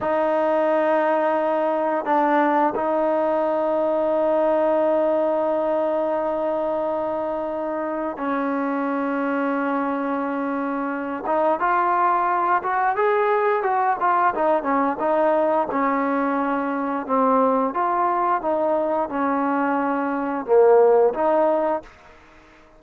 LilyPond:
\new Staff \with { instrumentName = "trombone" } { \time 4/4 \tempo 4 = 88 dis'2. d'4 | dis'1~ | dis'1 | cis'1~ |
cis'8 dis'8 f'4. fis'8 gis'4 | fis'8 f'8 dis'8 cis'8 dis'4 cis'4~ | cis'4 c'4 f'4 dis'4 | cis'2 ais4 dis'4 | }